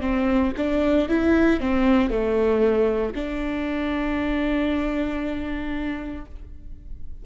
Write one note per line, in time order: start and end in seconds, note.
0.00 0.52 C4
0.57 1.09 D4
1.09 1.60 E4
1.60 2.10 C4
2.10 3.13 A3
3.15 6.25 D4